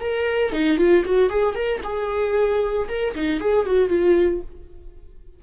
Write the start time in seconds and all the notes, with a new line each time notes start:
0.00 A#4
0.52 D#4
0.77 F4
1.05 F#4
1.29 G#4
1.55 A#4
1.84 G#4
2.88 A#4
3.15 D#4
3.41 G#4
3.66 F#4
3.89 F4